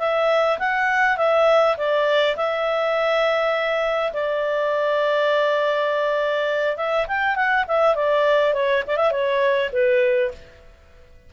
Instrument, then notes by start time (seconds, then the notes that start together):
clarinet
0.00 E5
0.59 F#5
1.18 E5
1.78 D5
2.37 E5
4.14 D5
6.78 E5
7.08 G5
7.36 F#5
7.68 E5
7.96 D5
8.54 C#5
8.88 D5
8.97 E5
9.12 C#5
9.73 B4